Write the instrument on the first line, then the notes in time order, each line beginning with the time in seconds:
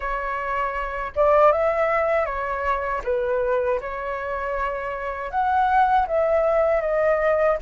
flute
0.00 C#5
1.15 D5
1.52 E5
2.25 C#5
3.04 B4
3.80 C#5
5.30 F#5
6.07 E5
6.81 D#5